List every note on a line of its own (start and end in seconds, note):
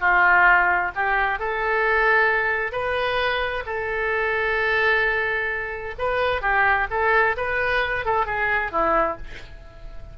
0.00 0.92 F4
0.96 1.39 G4
1.39 2.72 A4
2.72 3.64 B4
3.66 5.95 A4
5.99 6.42 B4
6.42 6.87 G4
6.91 7.36 A4
7.37 8.05 B4
8.05 8.26 A4
8.26 8.72 G#4
8.72 9.18 E4